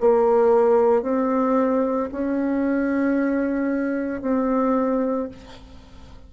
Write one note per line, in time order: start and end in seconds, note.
0.00 1.02 A#3
1.02 2.09 C4
2.11 4.21 C#4
4.21 5.28 C4